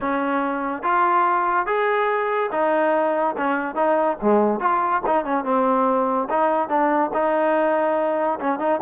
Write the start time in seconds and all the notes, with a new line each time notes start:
0.00 C#4
0.83 F4
1.66 G#4
2.51 D#4
3.37 C#4
3.75 D#4
4.21 G#3
4.60 F4
5.06 D#4
5.24 C#4
5.44 C4
6.29 D#4
6.68 D4
7.13 D#4
8.39 C#4
8.59 D#4